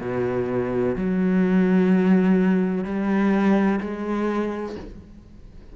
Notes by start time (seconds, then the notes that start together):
0.00 B2
0.95 F#3
2.84 G3
3.81 G#3